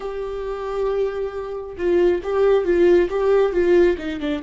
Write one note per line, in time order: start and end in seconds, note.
0.00 1.76 G4
1.77 2.21 F4
2.23 2.64 G4
2.64 3.08 F4
3.09 3.52 G4
3.52 3.96 F4
3.98 4.20 D#4
4.20 4.42 D4